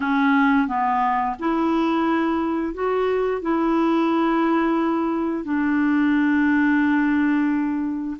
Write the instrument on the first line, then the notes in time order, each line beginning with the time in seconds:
clarinet
0.00 C#4
0.67 B3
1.39 E4
2.74 F#4
3.41 E4
5.44 D4